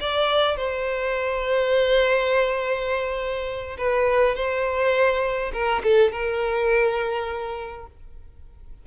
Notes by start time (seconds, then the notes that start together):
0.00 D5
0.56 C5
3.77 B4
4.35 C5
5.53 A#4
5.83 A4
6.11 A#4